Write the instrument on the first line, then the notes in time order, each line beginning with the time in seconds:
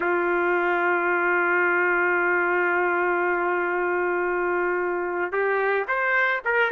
trumpet
0.00 F4
5.32 G4
5.88 C5
6.44 A#4